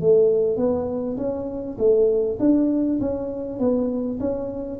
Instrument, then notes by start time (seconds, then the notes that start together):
tuba
0.00 A3
0.57 B3
1.17 C#4
1.78 A3
2.39 D4
3.00 C#4
3.59 B3
4.19 C#4